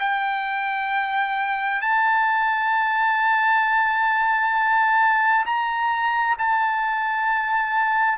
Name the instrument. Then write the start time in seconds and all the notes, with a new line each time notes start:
trumpet
0.00 G5
1.82 A5
5.46 A#5
6.38 A5